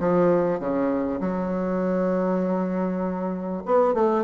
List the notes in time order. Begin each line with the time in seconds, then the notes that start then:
0.00 F3
0.60 C#3
1.21 F#3
3.66 B3
3.94 A3